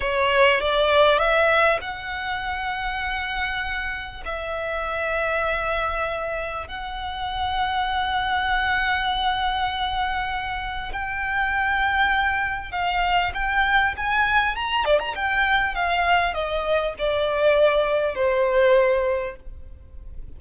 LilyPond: \new Staff \with { instrumentName = "violin" } { \time 4/4 \tempo 4 = 99 cis''4 d''4 e''4 fis''4~ | fis''2. e''4~ | e''2. fis''4~ | fis''1~ |
fis''2 g''2~ | g''4 f''4 g''4 gis''4 | ais''8 d''16 ais''16 g''4 f''4 dis''4 | d''2 c''2 | }